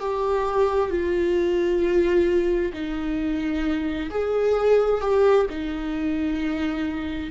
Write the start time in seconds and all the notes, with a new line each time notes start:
0.00 G4
0.90 F4
2.74 D#4
4.11 G#4
5.01 G4
5.50 D#4